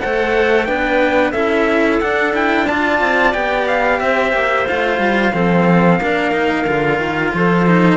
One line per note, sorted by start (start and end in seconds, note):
0.00 0.68 A3
0.00 0.66 A4
0.00 0.66 C5
0.00 0.64 F#5
0.64 1.33 B3
0.64 1.33 D4
0.64 1.33 B4
0.64 1.31 G5
1.32 2.00 C#4
1.32 2.01 E4
1.32 2.66 A4
1.32 1.98 E5
2.00 3.00 D4
2.00 2.33 D4
2.00 2.34 F#5
2.33 2.66 E4
2.33 2.67 G5
2.66 3.32 F4
2.66 3.99 D5
2.66 3.33 A5
3.00 3.33 C4
3.32 4.00 B3
3.32 4.66 G4
3.32 3.67 G5
3.67 3.99 F5
3.99 4.32 C4
3.99 5.34 C5
3.99 4.66 E5
4.32 4.66 A#3
4.67 4.99 A3
4.67 5.33 F4
4.67 7.34 F5
4.99 5.32 G3
5.33 6.00 F3
5.33 5.99 C4
5.33 6.00 A4
6.00 6.65 A#3
6.00 6.32 D4
6.00 7.34 A#4
6.32 6.65 D#4
6.65 6.98 D3
6.65 7.66 F4
6.98 7.32 D#3
7.34 7.97 F3
7.34 7.97 A4
7.34 7.97 C5
7.66 7.97 D#4